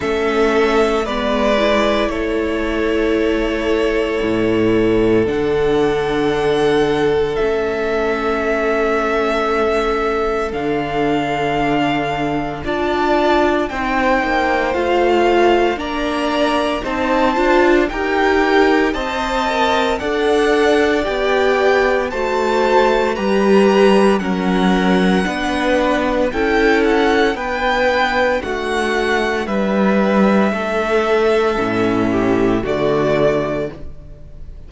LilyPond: <<
  \new Staff \with { instrumentName = "violin" } { \time 4/4 \tempo 4 = 57 e''4 d''4 cis''2~ | cis''4 fis''2 e''4~ | e''2 f''2 | a''4 g''4 f''4 ais''4 |
a''4 g''4 a''4 fis''4 | g''4 a''4 ais''4 fis''4~ | fis''4 g''8 fis''8 g''4 fis''4 | e''2. d''4 | }
  \new Staff \with { instrumentName = "violin" } { \time 4/4 a'4 b'4 a'2~ | a'1~ | a'1 | d''4 c''2 d''4 |
c''4 ais'4 dis''4 d''4~ | d''4 c''4 b'4 ais'4 | b'4 a'4 b'4 fis'4 | b'4 a'4. g'8 fis'4 | }
  \new Staff \with { instrumentName = "viola" } { \time 4/4 cis'4 b8 e'2~ e'8~ | e'4 d'2 cis'4~ | cis'2 d'2 | f'4 dis'4 f'4 d'4 |
dis'8 f'8 g'4 c''8 ais'8 a'4 | g'4 fis'4 g'4 cis'4 | d'4 e'4 d'2~ | d'2 cis'4 a4 | }
  \new Staff \with { instrumentName = "cello" } { \time 4/4 a4 gis4 a2 | a,4 d2 a4~ | a2 d2 | d'4 c'8 ais8 a4 ais4 |
c'8 d'8 dis'4 c'4 d'4 | b4 a4 g4 fis4 | b4 cis'4 b4 a4 | g4 a4 a,4 d4 | }
>>